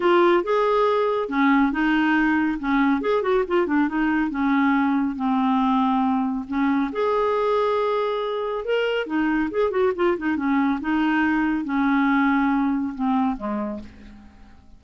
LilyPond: \new Staff \with { instrumentName = "clarinet" } { \time 4/4 \tempo 4 = 139 f'4 gis'2 cis'4 | dis'2 cis'4 gis'8 fis'8 | f'8 d'8 dis'4 cis'2 | c'2. cis'4 |
gis'1 | ais'4 dis'4 gis'8 fis'8 f'8 dis'8 | cis'4 dis'2 cis'4~ | cis'2 c'4 gis4 | }